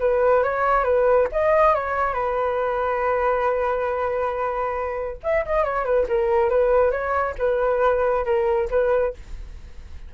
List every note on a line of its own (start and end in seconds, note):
0.00 0.43 B4
0.43 0.84 C#5
0.84 1.28 B4
1.32 1.75 D#5
1.75 2.14 C#5
2.14 5.18 B4
5.24 5.45 E5
5.46 5.64 D#5
5.64 5.85 C#5
5.85 6.07 B4
6.09 6.50 A#4
6.50 6.92 B4
6.92 7.35 C#5
7.39 8.25 B4
8.25 8.69 A#4
8.71 9.14 B4